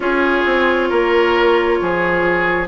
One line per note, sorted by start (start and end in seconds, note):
0.00 0.43 C#4
0.00 2.65 F4
0.00 0.89 G#4
0.00 2.66 C#5
0.45 0.90 C4
0.89 1.80 A#3
0.89 1.78 A#4
1.81 2.68 F3
1.81 2.68 G#4